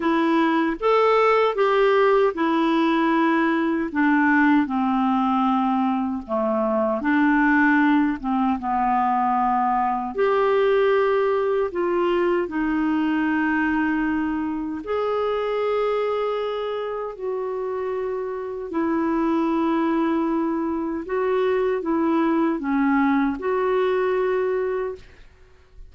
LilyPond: \new Staff \with { instrumentName = "clarinet" } { \time 4/4 \tempo 4 = 77 e'4 a'4 g'4 e'4~ | e'4 d'4 c'2 | a4 d'4. c'8 b4~ | b4 g'2 f'4 |
dis'2. gis'4~ | gis'2 fis'2 | e'2. fis'4 | e'4 cis'4 fis'2 | }